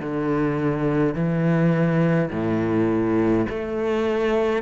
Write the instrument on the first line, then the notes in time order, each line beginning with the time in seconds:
cello
0.00 D3
1.14 E3
2.31 A2
3.49 A3